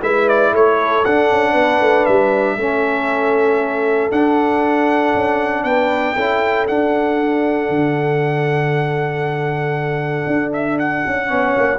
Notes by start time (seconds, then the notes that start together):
0.00 G#3 E4 B4 E5
0.28 D5
0.52 A3 A4 C#5
1.04 D4 F#5
1.31 C#4
1.52 B3 B4
1.80 A3
2.05 G3 E5
2.56 A3 C#4 A4
4.11 D4 F#5
5.14 C#4
5.63 B3 B4 G5
6.16 C#4 E4 A4
6.67 D4 F#5
7.69 D3
10.27 D4
10.52 E5
10.79 F#5
11.06 C#4
11.26 B3 C#4 C#5
11.57 A#3